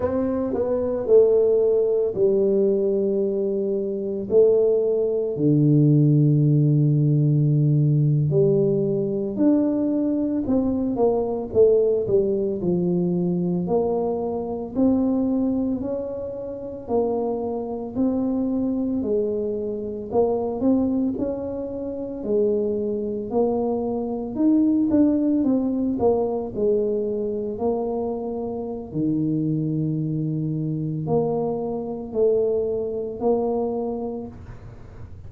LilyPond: \new Staff \with { instrumentName = "tuba" } { \time 4/4 \tempo 4 = 56 c'8 b8 a4 g2 | a4 d2~ d8. g16~ | g8. d'4 c'8 ais8 a8 g8 f16~ | f8. ais4 c'4 cis'4 ais16~ |
ais8. c'4 gis4 ais8 c'8 cis'16~ | cis'8. gis4 ais4 dis'8 d'8 c'16~ | c'16 ais8 gis4 ais4~ ais16 dis4~ | dis4 ais4 a4 ais4 | }